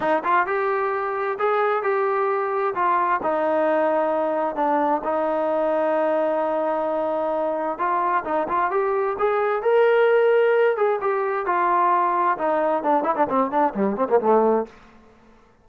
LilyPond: \new Staff \with { instrumentName = "trombone" } { \time 4/4 \tempo 4 = 131 dis'8 f'8 g'2 gis'4 | g'2 f'4 dis'4~ | dis'2 d'4 dis'4~ | dis'1~ |
dis'4 f'4 dis'8 f'8 g'4 | gis'4 ais'2~ ais'8 gis'8 | g'4 f'2 dis'4 | d'8 e'16 d'16 c'8 d'8 g8 c'16 ais16 a4 | }